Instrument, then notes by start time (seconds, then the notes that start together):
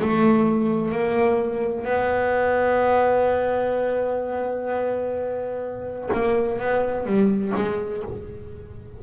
double bass
0.00 A3
0.92 A#3
1.85 B3
6.13 A#3
6.59 B3
7.05 G3
7.56 G#3